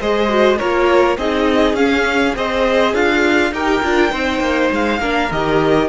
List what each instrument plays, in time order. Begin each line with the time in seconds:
0.00 cello G#3, viola G#4, violin C5 D#5
0.29 viola F#4
0.58 cello A#3, viola F4, violin A#4 C#5
1.17 cello C4, viola D#4, violin G#4 D#5
1.73 cello C#4, viola C#4, violin F5
2.35 cello C4, viola G#4, violin C5 D#5
2.93 cello D4, violin F4 F5
3.52 cello D#4, viola G4, violin A#4 G5
3.83 cello D4, viola F4
4.11 cello C4, viola D#4, violin C5
4.40 cello A#3
4.71 cello G#3, violin F5
5.00 cello A#3, viola D4, violin A#4
5.31 cello D#3, viola G4, violin D#5